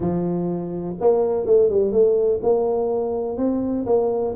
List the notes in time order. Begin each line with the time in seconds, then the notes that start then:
0.00 F3
1.00 A#3
1.46 A3
1.69 G3
1.92 A3
2.42 A#3
3.37 C4
3.86 A#3